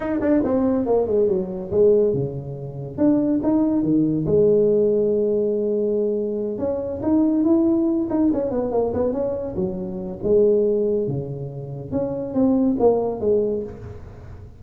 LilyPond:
\new Staff \with { instrumentName = "tuba" } { \time 4/4 \tempo 4 = 141 dis'8 d'8 c'4 ais8 gis8 fis4 | gis4 cis2 d'4 | dis'4 dis4 gis2~ | gis2.~ gis8 cis'8~ |
cis'8 dis'4 e'4. dis'8 cis'8 | b8 ais8 b8 cis'4 fis4. | gis2 cis2 | cis'4 c'4 ais4 gis4 | }